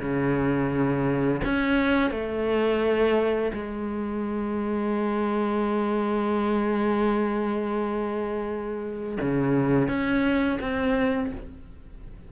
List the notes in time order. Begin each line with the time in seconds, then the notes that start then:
0.00 C#3
1.44 C#4
2.11 A3
3.54 G#3
9.21 C#3
9.89 C#4
10.61 C4